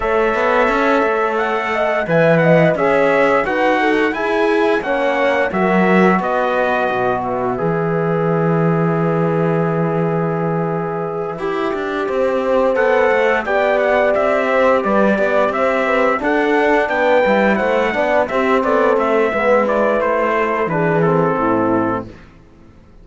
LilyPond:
<<
  \new Staff \with { instrumentName = "trumpet" } { \time 4/4 \tempo 4 = 87 e''2 fis''4 gis''8 fis''8 | e''4 fis''4 gis''4 fis''4 | e''4 dis''4. e''4.~ | e''1~ |
e''2~ e''8 fis''4 g''8 | fis''8 e''4 d''4 e''4 fis''8~ | fis''8 g''4 fis''4 e''8 d''8 e''8~ | e''8 d''8 c''4 b'8 a'4. | }
  \new Staff \with { instrumentName = "horn" } { \time 4/4 cis''2~ cis''8 dis''8 e''8 dis''8 | cis''4 b'8 a'8 gis'4 cis''4 | ais'4 b'2.~ | b'1~ |
b'4. c''2 d''8~ | d''4 c''8 b'8 d''8 c''8 b'8 a'8~ | a'8 b'4 c''8 d''8 g'8 a'4 | b'4. a'8 gis'4 e'4 | }
  \new Staff \with { instrumentName = "trombone" } { \time 4/4 a'2. b'4 | gis'4 fis'4 e'4 cis'4 | fis'2. gis'4~ | gis'1~ |
gis'8 g'2 a'4 g'8~ | g'2.~ g'8 d'8~ | d'4 e'4 d'8 c'4. | b8 e'4. d'8 c'4. | }
  \new Staff \with { instrumentName = "cello" } { \time 4/4 a8 b8 cis'8 a4. e4 | cis'4 dis'4 e'4 ais4 | fis4 b4 b,4 e4~ | e1~ |
e8 e'8 d'8 c'4 b8 a8 b8~ | b8 c'4 g8 b8 c'4 d'8~ | d'8 b8 g8 a8 b8 c'8 b8 a8 | gis4 a4 e4 a,4 | }
>>